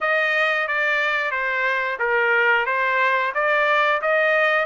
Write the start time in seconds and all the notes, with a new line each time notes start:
0.01 D#5
0.67 D5
1.31 C5
1.99 A#4
2.66 C5
3.34 D5
4.01 D#5